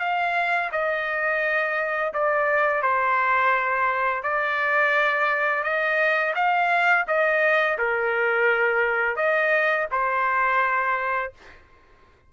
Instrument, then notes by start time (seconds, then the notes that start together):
trumpet
0.00 F5
0.72 D#5
2.14 D5
2.83 C5
4.23 D5
5.64 D#5
6.35 F5
7.08 D#5
7.79 A#4
9.17 D#5
9.92 C5